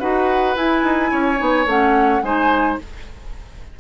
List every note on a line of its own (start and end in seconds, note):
0.00 0.57 D#4
0.00 0.56 F#4
0.00 1.11 B4
0.00 0.56 F#5
0.56 1.37 E4
0.56 0.84 E4
0.56 1.68 G#5
0.84 1.11 D#4
1.11 1.41 C#4
1.11 2.22 C#5
1.37 1.66 B3
1.37 1.65 D#4
1.66 2.22 A3
1.66 2.24 C#4
1.66 2.23 F#5
2.22 2.78 G#3
2.22 2.79 D#4
2.22 2.80 C5
2.22 2.79 G#5